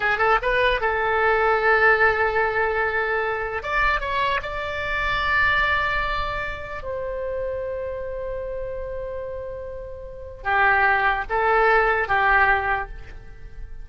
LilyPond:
\new Staff \with { instrumentName = "oboe" } { \time 4/4 \tempo 4 = 149 gis'8 a'8 b'4 a'2~ | a'1~ | a'4 d''4 cis''4 d''4~ | d''1~ |
d''4 c''2.~ | c''1~ | c''2 g'2 | a'2 g'2 | }